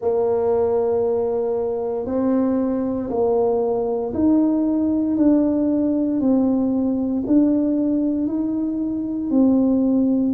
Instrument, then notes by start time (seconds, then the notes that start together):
tuba
0.01 A#3
2.05 C4
3.09 A#3
4.14 D#4
5.16 D4
6.20 C4
7.26 D4
8.27 D#4
9.30 C4